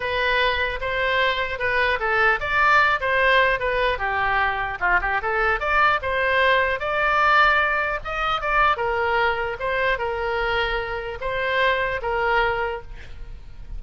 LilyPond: \new Staff \with { instrumentName = "oboe" } { \time 4/4 \tempo 4 = 150 b'2 c''2 | b'4 a'4 d''4. c''8~ | c''4 b'4 g'2 | f'8 g'8 a'4 d''4 c''4~ |
c''4 d''2. | dis''4 d''4 ais'2 | c''4 ais'2. | c''2 ais'2 | }